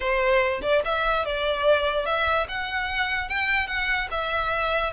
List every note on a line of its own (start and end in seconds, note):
0.00 0.61 C5
0.61 0.82 D5
0.84 1.25 E5
1.25 2.05 D5
2.05 2.46 E5
2.48 3.29 F#5
3.29 3.67 G5
3.67 4.08 F#5
4.10 4.92 E5